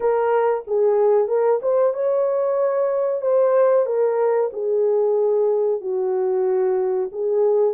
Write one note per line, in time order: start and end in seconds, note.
0.00 0.64 A#4
0.67 1.27 G#4
1.27 1.60 A#4
1.62 1.93 C5
1.93 3.21 C#5
3.21 3.86 C5
3.86 4.50 A#4
4.52 5.80 G#4
5.80 7.09 F#4
7.11 7.74 G#4